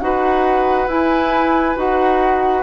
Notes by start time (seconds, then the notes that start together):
0.00 D#4 F#4 B4 F#5
0.87 E4 G#5
1.76 D#4 F#4 F#5